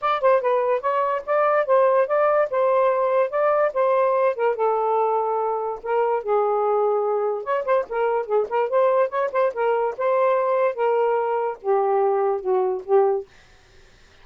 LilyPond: \new Staff \with { instrumentName = "saxophone" } { \time 4/4 \tempo 4 = 145 d''8 c''8 b'4 cis''4 d''4 | c''4 d''4 c''2 | d''4 c''4. ais'8 a'4~ | a'2 ais'4 gis'4~ |
gis'2 cis''8 c''8 ais'4 | gis'8 ais'8 c''4 cis''8 c''8 ais'4 | c''2 ais'2 | g'2 fis'4 g'4 | }